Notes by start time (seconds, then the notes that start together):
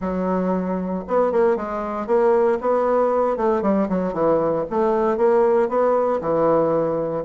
0.00 F#3
1.07 B3
1.32 A#3
1.56 G#3
2.06 A#3
2.60 B3
3.36 A3
3.62 G3
3.88 F#3
4.13 E3
4.70 A3
5.17 A#3
5.68 B3
6.20 E3